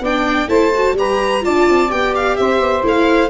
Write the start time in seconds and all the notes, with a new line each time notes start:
0.00 B3 D4 D5 G5
0.48 A3 E4 C5 A5
0.74 F#4
0.93 G3 G4 B4 A#5
1.41 D4 F4 D5 A5
1.69 C4
1.89 B3 G4 G5
2.15 F5
2.36 C4 C5 E5
2.59 B3
2.82 A3 E4 F5